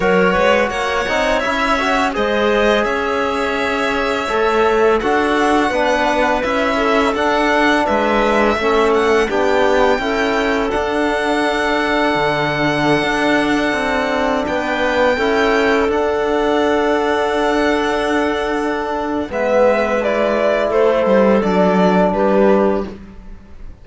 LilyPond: <<
  \new Staff \with { instrumentName = "violin" } { \time 4/4 \tempo 4 = 84 cis''4 fis''4 e''4 dis''4 | e''2. fis''4~ | fis''4 e''4 fis''4 e''4~ | e''8 fis''8 g''2 fis''4~ |
fis''1~ | fis''16 g''2 fis''4.~ fis''16~ | fis''2. e''4 | d''4 c''4 d''4 b'4 | }
  \new Staff \with { instrumentName = "clarinet" } { \time 4/4 ais'8 b'8 cis''2 c''4 | cis''2. a'4 | b'4. a'4. b'4 | a'4 g'4 a'2~ |
a'1~ | a'16 b'4 a'2~ a'8.~ | a'2. b'4~ | b'4 a'2 g'4 | }
  \new Staff \with { instrumentName = "trombone" } { \time 4/4 fis'4. dis'8 e'8 fis'8 gis'4~ | gis'2 a'4 fis'4 | d'4 e'4 d'2 | cis'4 d'4 e'4 d'4~ |
d'1~ | d'4~ d'16 e'4 d'4.~ d'16~ | d'2. b4 | e'2 d'2 | }
  \new Staff \with { instrumentName = "cello" } { \time 4/4 fis8 gis8 ais8 c'8 cis'4 gis4 | cis'2 a4 d'4 | b4 cis'4 d'4 gis4 | a4 b4 cis'4 d'4~ |
d'4 d4~ d16 d'4 c'8.~ | c'16 b4 cis'4 d'4.~ d'16~ | d'2. gis4~ | gis4 a8 g8 fis4 g4 | }
>>